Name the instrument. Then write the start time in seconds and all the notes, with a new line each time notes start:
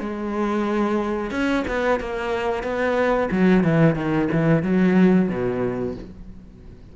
cello
0.00 G#3
1.31 C#4
1.67 B3
2.00 A#3
2.63 B3
3.31 F#3
3.63 E3
3.95 D#3
4.32 E3
4.62 F#3
5.29 B2